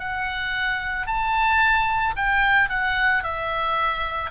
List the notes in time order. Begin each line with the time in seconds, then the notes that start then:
0.00 F#5
1.07 A5
2.16 G5
2.70 F#5
3.24 E5